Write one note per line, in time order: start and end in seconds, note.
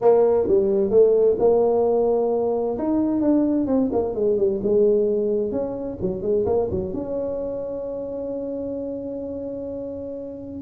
0.01 0.47 A#3
0.47 0.90 G3
0.90 1.36 A3
1.39 2.77 A#3
2.78 3.21 D#4
3.21 3.67 D4
3.67 3.90 C4
3.92 4.14 A#3
4.14 4.37 G#3
4.37 4.60 G3
4.63 5.51 G#3
5.51 5.97 C#4
6.01 6.22 F#3
6.22 6.45 G#3
6.46 6.69 A#3
6.70 6.93 F#3
6.93 10.62 C#4